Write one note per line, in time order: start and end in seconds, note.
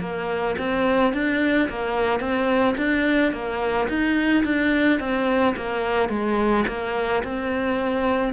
0.00 0.56 A#3
0.58 1.13 C4
1.13 1.69 D4
1.69 2.20 A#3
2.20 2.75 C4
2.77 3.32 D4
3.32 3.88 A#3
3.88 4.44 D#4
4.44 4.99 D4
4.99 5.55 C4
5.56 6.09 A#3
6.09 6.65 G#3
6.67 7.23 A#3
7.24 8.33 C4